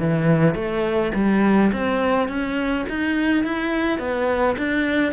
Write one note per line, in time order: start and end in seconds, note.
0.00 0.55 E3
0.55 1.12 A3
1.15 1.72 G3
1.73 2.29 C4
2.29 2.86 C#4
2.90 3.45 D#4
3.45 3.99 E4
3.99 4.56 B3
4.58 5.13 D4